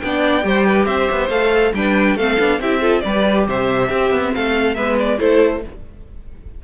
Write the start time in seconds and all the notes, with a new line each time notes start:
0.00 B3 D4 D5 G5
0.43 G3 G4 C5
0.67 B4
0.86 C4 C5 E5
1.11 B3
1.30 A3 A4 F5
1.74 G3 D4 B4 G5
2.16 A3 C4 A4 F5
2.39 B3 D4
2.60 C4 E4 G4 E5
2.81 F4 A4
3.01 G3 B4 D5
3.08 G4
3.48 C3 C5 E5
3.89 C4 G4
4.11 B3
4.35 A3 A4 F5
4.75 G#3 B3 B4 E5
5.00 D5
5.18 A3 E4 A4 C5